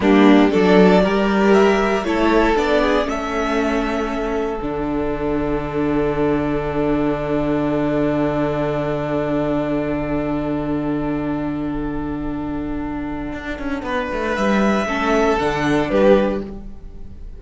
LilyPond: <<
  \new Staff \with { instrumentName = "violin" } { \time 4/4 \tempo 4 = 117 g'4 d''2 e''4 | cis''4 d''4 e''2~ | e''4 fis''2.~ | fis''1~ |
fis''1~ | fis''1~ | fis''1 | e''2 fis''4 b'4 | }
  \new Staff \with { instrumentName = "violin" } { \time 4/4 d'4 a'4 ais'2 | a'4. gis'8 a'2~ | a'1~ | a'1~ |
a'1~ | a'1~ | a'2. b'4~ | b'4 a'2 g'4 | }
  \new Staff \with { instrumentName = "viola" } { \time 4/4 ais4 d'4 g'2 | e'4 d'4 cis'2~ | cis'4 d'2.~ | d'1~ |
d'1~ | d'1~ | d'1~ | d'4 cis'4 d'2 | }
  \new Staff \with { instrumentName = "cello" } { \time 4/4 g4 fis4 g2 | a4 b4 a2~ | a4 d2.~ | d1~ |
d1~ | d1~ | d2 d'8 cis'8 b8 a8 | g4 a4 d4 g4 | }
>>